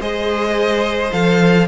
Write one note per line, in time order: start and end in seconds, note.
0.00 1.11 G#3
0.00 1.12 G#4
0.00 1.68 C5
0.00 1.12 D#5
1.12 1.68 F3
1.12 1.68 A4
1.12 1.68 F5